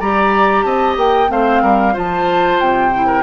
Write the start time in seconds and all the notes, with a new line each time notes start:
0.00 G3 G4 D5 A#5
0.62 C4 D#5 A5
0.97 A#3 G5
1.28 A3 C4 C5 F5
1.63 G3 A#4
1.93 F3 F4 C5 A5
2.60 C3 G5
2.95 E4
3.06 A#4